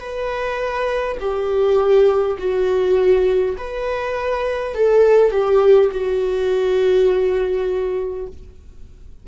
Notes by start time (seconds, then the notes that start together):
0.00 B4
1.20 G4
2.38 F#4
3.58 B4
4.75 A4
5.32 G4
5.91 F#4